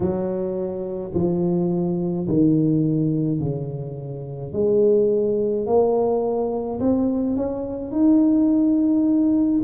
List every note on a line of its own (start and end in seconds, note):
0.00 1.11 F#3
1.14 2.27 F3
2.28 3.40 D#3
3.40 4.53 C#3
4.53 5.66 G#3
5.66 6.79 A#3
6.79 7.36 C4
7.36 7.91 C#4
7.91 9.61 D#4